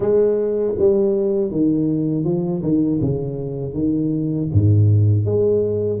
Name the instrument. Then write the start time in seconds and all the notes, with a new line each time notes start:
tuba
0.00 G#3
0.78 G3
1.51 D#3
2.24 F3
2.62 D#3
3.01 C#3
3.73 D#3
4.52 G#2
5.25 G#3